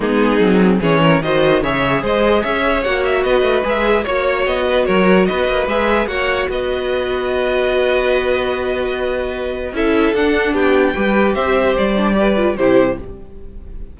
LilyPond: <<
  \new Staff \with { instrumentName = "violin" } { \time 4/4 \tempo 4 = 148 gis'2 cis''4 dis''4 | e''4 dis''4 e''4 fis''8 e''8 | dis''4 e''4 cis''4 dis''4 | cis''4 dis''4 e''4 fis''4 |
dis''1~ | dis''1 | e''4 fis''4 g''2 | e''4 d''2 c''4 | }
  \new Staff \with { instrumentName = "violin" } { \time 4/4 dis'2 gis'8 ais'8 c''4 | cis''4 c''4 cis''2 | b'2 cis''4. b'8 | ais'4 b'2 cis''4 |
b'1~ | b'1 | a'2 g'4 b'4 | c''2 b'4 g'4 | }
  \new Staff \with { instrumentName = "viola" } { \time 4/4 b4 c'4 cis'4 fis'4 | gis'2. fis'4~ | fis'4 gis'4 fis'2~ | fis'2 gis'4 fis'4~ |
fis'1~ | fis'1 | e'4 d'2 g'4~ | g'4. d'8 g'8 f'8 e'4 | }
  \new Staff \with { instrumentName = "cello" } { \time 4/4 gis4 fis4 e4 dis4 | cis4 gis4 cis'4 ais4 | b8 a8 gis4 ais4 b4 | fis4 b8 ais8 gis4 ais4 |
b1~ | b1 | cis'4 d'4 b4 g4 | c'4 g2 c4 | }
>>